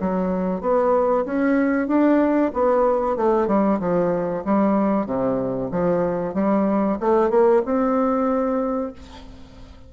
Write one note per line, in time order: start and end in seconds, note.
0.00 0.61 F#3
0.61 1.24 B3
1.25 1.87 C#4
1.87 2.51 D4
2.53 3.16 B3
3.16 3.47 A3
3.47 3.79 G3
3.79 4.43 F3
4.45 5.06 G3
5.06 5.70 C3
5.71 6.34 F3
6.34 6.98 G3
7.00 7.30 A3
7.30 7.62 A#3
7.65 8.93 C4